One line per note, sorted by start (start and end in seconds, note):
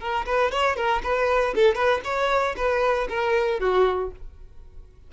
0.00 0.26 A#4
0.26 0.51 B4
0.51 0.76 C#5
0.76 1.02 A#4
1.03 1.54 B4
1.55 1.75 A4
1.75 2.01 B4
2.04 2.55 C#5
2.57 3.08 B4
3.09 3.60 A#4
3.60 4.11 F#4